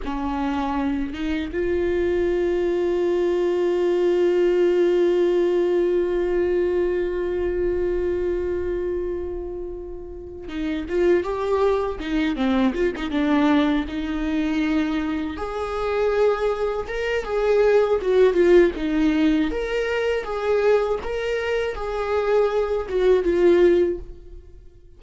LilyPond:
\new Staff \with { instrumentName = "viola" } { \time 4/4 \tempo 4 = 80 cis'4. dis'8 f'2~ | f'1~ | f'1~ | f'2 dis'8 f'8 g'4 |
dis'8 c'8 f'16 dis'16 d'4 dis'4.~ | dis'8 gis'2 ais'8 gis'4 | fis'8 f'8 dis'4 ais'4 gis'4 | ais'4 gis'4. fis'8 f'4 | }